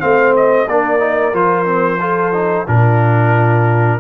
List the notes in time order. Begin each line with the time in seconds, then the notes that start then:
0.00 A3 C4 C5 F5
0.36 D#5
0.68 A#3 D4 A#4 D5
0.99 D#4
1.33 F3 F4 C5
1.65 C4
2.00 F4 A4
2.33 D#4
2.67 A#2 D4 F4 A#4